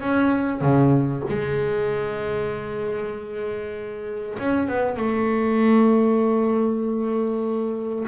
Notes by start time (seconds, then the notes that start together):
0.00 C#4
0.61 C#3
1.28 G#3
4.38 C#4
4.68 B3
4.96 A3